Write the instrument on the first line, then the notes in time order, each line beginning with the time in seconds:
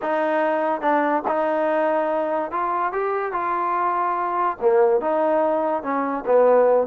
trombone
0.02 D#4
0.81 D4
1.27 D#4
2.51 F4
2.92 G4
3.32 F4
4.61 A#3
5.00 D#4
5.82 C#4
6.25 B3